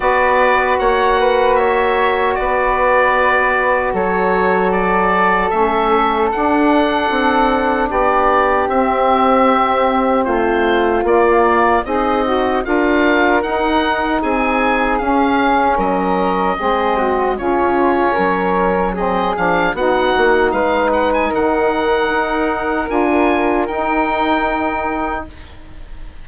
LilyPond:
<<
  \new Staff \with { instrumentName = "oboe" } { \time 4/4 \tempo 4 = 76 d''4 fis''4 e''4 d''4~ | d''4 cis''4 d''4 e''4 | fis''2 d''4 e''4~ | e''4 c''4 d''4 dis''4 |
f''4 fis''4 gis''4 f''4 | dis''2 cis''2 | dis''8 f''8 fis''4 f''8 fis''16 gis''16 fis''4~ | fis''4 gis''4 g''2 | }
  \new Staff \with { instrumentName = "flute" } { \time 4/4 b'4 cis''8 b'8 cis''4 b'4~ | b'4 a'2.~ | a'2 g'2~ | g'4 f'2 dis'4 |
ais'2 gis'2 | ais'4 gis'8 fis'8 f'4 ais'4 | gis'4 fis'4 b'4 ais'4~ | ais'1 | }
  \new Staff \with { instrumentName = "saxophone" } { \time 4/4 fis'1~ | fis'2. cis'4 | d'2. c'4~ | c'2 ais4 gis'8 fis'8 |
f'4 dis'2 cis'4~ | cis'4 c'4 cis'2 | c'8 d'8 dis'2.~ | dis'4 f'4 dis'2 | }
  \new Staff \with { instrumentName = "bassoon" } { \time 4/4 b4 ais2 b4~ | b4 fis2 a4 | d'4 c'4 b4 c'4~ | c'4 a4 ais4 c'4 |
d'4 dis'4 c'4 cis'4 | fis4 gis4 cis4 fis4~ | fis8 f8 b8 ais8 gis4 dis4 | dis'4 d'4 dis'2 | }
>>